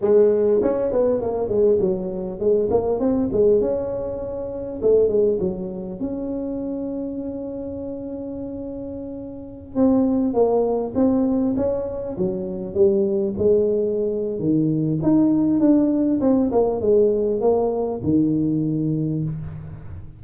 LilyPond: \new Staff \with { instrumentName = "tuba" } { \time 4/4 \tempo 4 = 100 gis4 cis'8 b8 ais8 gis8 fis4 | gis8 ais8 c'8 gis8 cis'2 | a8 gis8 fis4 cis'2~ | cis'1~ |
cis'16 c'4 ais4 c'4 cis'8.~ | cis'16 fis4 g4 gis4.~ gis16 | dis4 dis'4 d'4 c'8 ais8 | gis4 ais4 dis2 | }